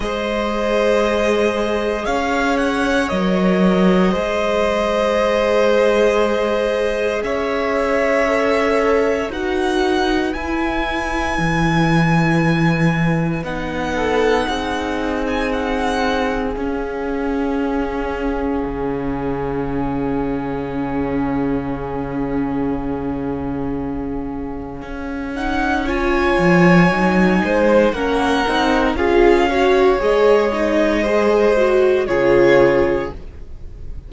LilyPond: <<
  \new Staff \with { instrumentName = "violin" } { \time 4/4 \tempo 4 = 58 dis''2 f''8 fis''8 dis''4~ | dis''2. e''4~ | e''4 fis''4 gis''2~ | gis''4 fis''4.~ fis''16 gis''16 fis''4 |
f''1~ | f''1~ | f''8 fis''8 gis''2 fis''4 | f''4 dis''2 cis''4 | }
  \new Staff \with { instrumentName = "violin" } { \time 4/4 c''2 cis''2 | c''2. cis''4~ | cis''4 b'2.~ | b'4. a'8 gis'2~ |
gis'1~ | gis'1~ | gis'4 cis''4. c''8 ais'4 | gis'8 cis''4. c''4 gis'4 | }
  \new Staff \with { instrumentName = "viola" } { \time 4/4 gis'2. ais'4 | gis'1 | a'4 fis'4 e'2~ | e'4 dis'2. |
cis'1~ | cis'1~ | cis'8 dis'8 f'4 dis'4 cis'8 dis'8 | f'8 fis'8 gis'8 dis'8 gis'8 fis'8 f'4 | }
  \new Staff \with { instrumentName = "cello" } { \time 4/4 gis2 cis'4 fis4 | gis2. cis'4~ | cis'4 dis'4 e'4 e4~ | e4 b4 c'2 |
cis'2 cis2~ | cis1 | cis'4. f8 fis8 gis8 ais8 c'8 | cis'4 gis2 cis4 | }
>>